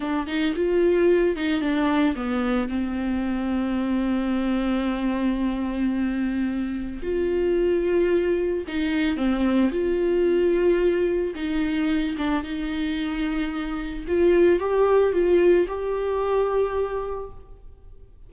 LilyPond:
\new Staff \with { instrumentName = "viola" } { \time 4/4 \tempo 4 = 111 d'8 dis'8 f'4. dis'8 d'4 | b4 c'2.~ | c'1~ | c'4 f'2. |
dis'4 c'4 f'2~ | f'4 dis'4. d'8 dis'4~ | dis'2 f'4 g'4 | f'4 g'2. | }